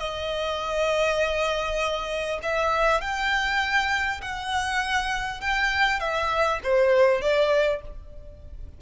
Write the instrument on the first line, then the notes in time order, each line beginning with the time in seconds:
violin
0.00 D#5
2.43 E5
3.02 G5
4.22 F#5
5.41 G5
6.00 E5
6.64 C5
7.22 D5